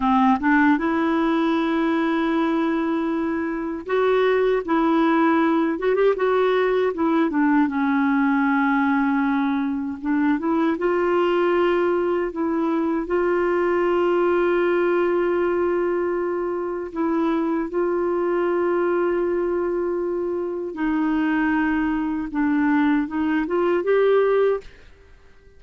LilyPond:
\new Staff \with { instrumentName = "clarinet" } { \time 4/4 \tempo 4 = 78 c'8 d'8 e'2.~ | e'4 fis'4 e'4. fis'16 g'16 | fis'4 e'8 d'8 cis'2~ | cis'4 d'8 e'8 f'2 |
e'4 f'2.~ | f'2 e'4 f'4~ | f'2. dis'4~ | dis'4 d'4 dis'8 f'8 g'4 | }